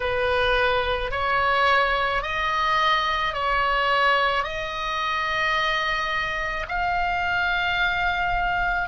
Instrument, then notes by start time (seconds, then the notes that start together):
oboe
0.00 B4
1.11 C#5
2.22 D#5
3.33 C#5
4.43 D#5
6.68 F5